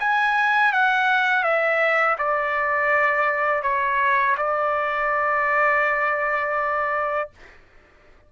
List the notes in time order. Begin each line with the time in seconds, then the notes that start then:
0.00 G#5
0.73 F#5
1.44 E5
2.19 D5
3.63 C#5
4.38 D5